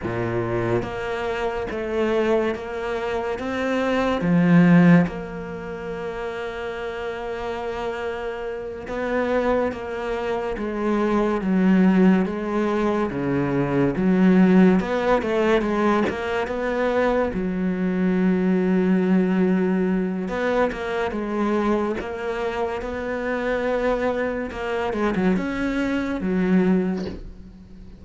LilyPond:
\new Staff \with { instrumentName = "cello" } { \time 4/4 \tempo 4 = 71 ais,4 ais4 a4 ais4 | c'4 f4 ais2~ | ais2~ ais8 b4 ais8~ | ais8 gis4 fis4 gis4 cis8~ |
cis8 fis4 b8 a8 gis8 ais8 b8~ | b8 fis2.~ fis8 | b8 ais8 gis4 ais4 b4~ | b4 ais8 gis16 fis16 cis'4 fis4 | }